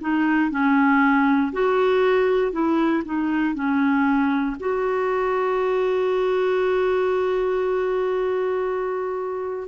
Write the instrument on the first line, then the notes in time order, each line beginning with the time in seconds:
clarinet
0.00 D#4
0.50 C#4
1.52 F#4
2.52 E4
3.05 D#4
3.55 C#4
4.59 F#4